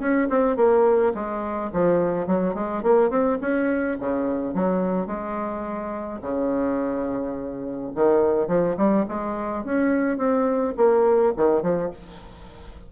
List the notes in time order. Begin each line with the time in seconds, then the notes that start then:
0.00 C#4
0.30 C4
0.57 A#3
1.15 G#3
1.73 F3
2.27 F#3
2.55 G#3
2.83 A#3
3.11 C4
3.41 C#4
4.00 C#3
4.55 F#3
5.07 G#3
6.22 C#3
7.96 D#3
8.48 F3
8.78 G3
9.09 G#3
9.65 C#4
10.18 C4
10.77 A#3
11.37 D#3
11.63 F3